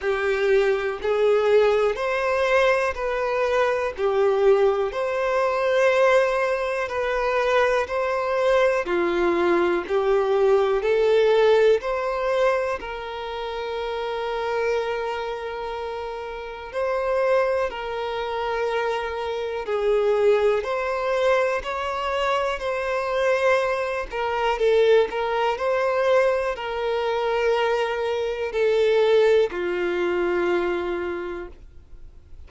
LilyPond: \new Staff \with { instrumentName = "violin" } { \time 4/4 \tempo 4 = 61 g'4 gis'4 c''4 b'4 | g'4 c''2 b'4 | c''4 f'4 g'4 a'4 | c''4 ais'2.~ |
ais'4 c''4 ais'2 | gis'4 c''4 cis''4 c''4~ | c''8 ais'8 a'8 ais'8 c''4 ais'4~ | ais'4 a'4 f'2 | }